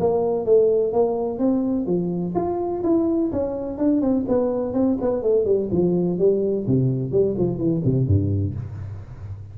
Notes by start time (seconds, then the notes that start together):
0.00 A#3
0.46 A3
0.93 A#3
1.39 C4
1.86 F3
2.35 F4
2.84 E4
3.32 C#4
3.78 D4
4.02 C4
4.28 B3
4.73 C4
5.01 B3
5.23 A3
5.45 G3
5.72 F3
6.18 G3
6.67 C3
7.11 G3
7.38 F3
7.58 E3
7.85 C3
8.07 G2